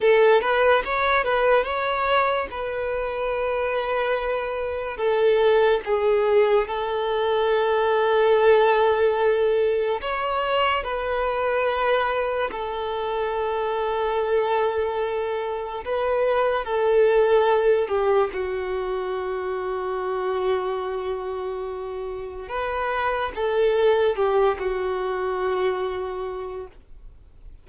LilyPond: \new Staff \with { instrumentName = "violin" } { \time 4/4 \tempo 4 = 72 a'8 b'8 cis''8 b'8 cis''4 b'4~ | b'2 a'4 gis'4 | a'1 | cis''4 b'2 a'4~ |
a'2. b'4 | a'4. g'8 fis'2~ | fis'2. b'4 | a'4 g'8 fis'2~ fis'8 | }